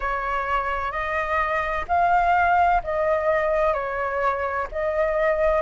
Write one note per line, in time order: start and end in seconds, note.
0.00 0.91 C#5
0.91 1.85 D#5
1.87 2.81 F5
2.83 3.73 D#5
3.73 4.67 C#5
4.71 5.62 D#5